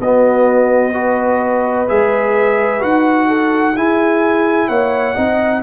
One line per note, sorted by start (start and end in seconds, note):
0.00 1.88 B3
0.00 0.94 B3
0.00 0.94 F#4
0.00 1.89 D#5
0.94 1.87 F#4
0.94 3.28 B4
1.88 2.83 G#3
1.88 2.80 G#4
1.88 2.83 E5
2.80 3.76 D#4
2.80 3.74 F#4
2.80 3.77 F#5
3.28 3.75 A4
3.76 4.69 E4
3.76 5.16 E4
3.76 4.69 G#4
3.76 4.68 G#5
4.68 5.16 A#3
4.68 5.15 C#5
4.68 5.62 F#5
5.15 5.62 C4
5.15 5.62 D#4
5.15 5.62 D#5